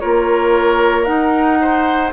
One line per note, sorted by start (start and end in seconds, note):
0.00 1.08 A#3
0.00 1.06 F4
0.00 1.59 A#4
0.00 1.05 C#5
1.05 2.11 D#4
1.05 2.13 D#4
1.05 2.10 F#5
1.61 2.13 C5